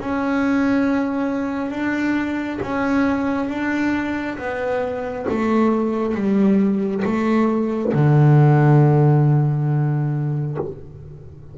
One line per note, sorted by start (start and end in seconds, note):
0.00 1.71 C#4
1.71 2.59 D4
2.62 3.50 C#4
3.50 4.38 D4
4.38 5.27 B3
5.30 6.15 A3
6.15 7.03 G3
7.05 7.93 A3
7.94 10.58 D3